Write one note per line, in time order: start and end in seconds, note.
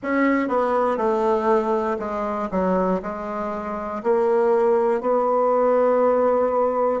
0.03 0.48 C#4
0.48 0.97 B3
0.97 1.97 A3
1.99 2.49 G#3
2.51 3.01 F#3
3.02 4.02 G#3
4.03 5.00 A#3
5.00 7.00 B3